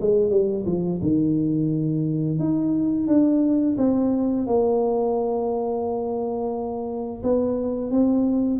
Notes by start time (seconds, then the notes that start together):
0.00 G#3
0.30 G3
0.66 F3
1.02 D#3
2.39 D#4
3.07 D4
3.77 C4
4.46 A#3
7.23 B3
7.91 C4